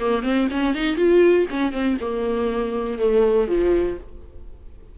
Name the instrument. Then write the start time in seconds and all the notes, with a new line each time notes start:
viola
0.00 A#3
0.23 C4
0.51 C#4
0.75 D#4
0.96 F4
1.50 C#4
1.72 C4
2.01 A#3
2.99 A3
3.48 F3